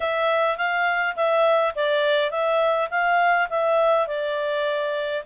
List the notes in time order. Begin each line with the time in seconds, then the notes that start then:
0.00 E5
0.57 F5
1.15 E5
1.75 D5
2.30 E5
2.90 F5
3.49 E5
4.07 D5